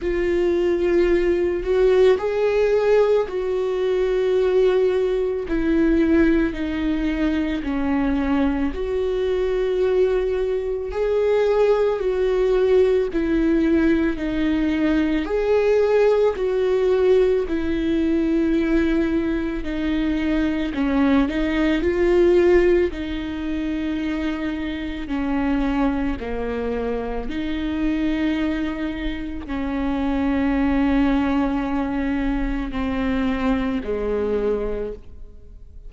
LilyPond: \new Staff \with { instrumentName = "viola" } { \time 4/4 \tempo 4 = 55 f'4. fis'8 gis'4 fis'4~ | fis'4 e'4 dis'4 cis'4 | fis'2 gis'4 fis'4 | e'4 dis'4 gis'4 fis'4 |
e'2 dis'4 cis'8 dis'8 | f'4 dis'2 cis'4 | ais4 dis'2 cis'4~ | cis'2 c'4 gis4 | }